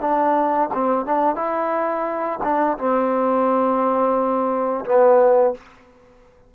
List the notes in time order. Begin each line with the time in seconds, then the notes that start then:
0.00 D4
0.73 C4
1.05 D4
1.35 E4
2.43 D4
2.78 C4
4.85 B3